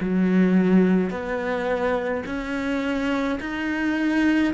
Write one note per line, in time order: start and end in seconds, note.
0.00 1.10 F#3
1.10 2.23 B3
2.26 3.39 C#4
3.40 4.53 D#4